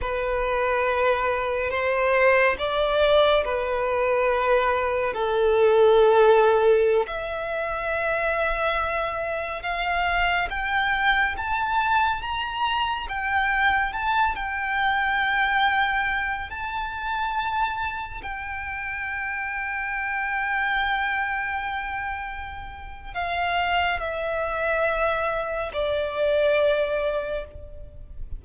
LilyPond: \new Staff \with { instrumentName = "violin" } { \time 4/4 \tempo 4 = 70 b'2 c''4 d''4 | b'2 a'2~ | a'16 e''2. f''8.~ | f''16 g''4 a''4 ais''4 g''8.~ |
g''16 a''8 g''2~ g''8 a''8.~ | a''4~ a''16 g''2~ g''8.~ | g''2. f''4 | e''2 d''2 | }